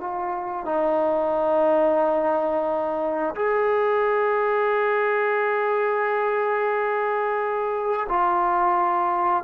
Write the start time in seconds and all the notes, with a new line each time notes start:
0.00 F4
0.66 D#4
3.36 G#4
8.09 F4